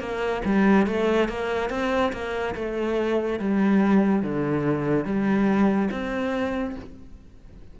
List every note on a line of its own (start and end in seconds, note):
0.00 0.42 A#3
0.45 0.87 G3
0.87 1.29 A3
1.29 1.70 A#3
1.70 2.12 C4
2.13 2.55 A#3
2.55 3.40 A3
3.40 4.23 G3
4.23 5.05 D3
5.05 5.90 G3
5.91 6.76 C4